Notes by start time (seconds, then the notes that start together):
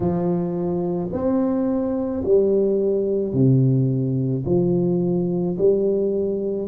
0.00 F3
1.12 C4
2.25 G3
3.33 C3
4.45 F3
5.58 G3